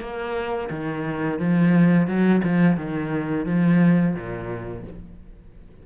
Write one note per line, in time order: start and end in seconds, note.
0.00 0.69 A#3
0.70 1.39 D#3
1.39 2.07 F3
2.07 2.41 F#3
2.44 2.76 F3
2.76 3.45 D#3
3.45 4.14 F3
4.14 4.83 A#2